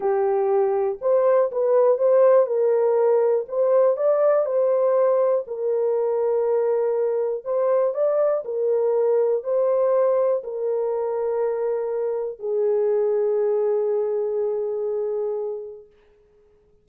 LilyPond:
\new Staff \with { instrumentName = "horn" } { \time 4/4 \tempo 4 = 121 g'2 c''4 b'4 | c''4 ais'2 c''4 | d''4 c''2 ais'4~ | ais'2. c''4 |
d''4 ais'2 c''4~ | c''4 ais'2.~ | ais'4 gis'2.~ | gis'1 | }